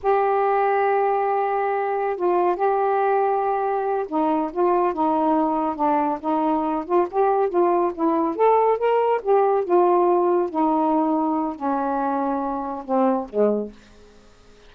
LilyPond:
\new Staff \with { instrumentName = "saxophone" } { \time 4/4 \tempo 4 = 140 g'1~ | g'4 f'4 g'2~ | g'4. dis'4 f'4 dis'8~ | dis'4. d'4 dis'4. |
f'8 g'4 f'4 e'4 a'8~ | a'8 ais'4 g'4 f'4.~ | f'8 dis'2~ dis'8 cis'4~ | cis'2 c'4 gis4 | }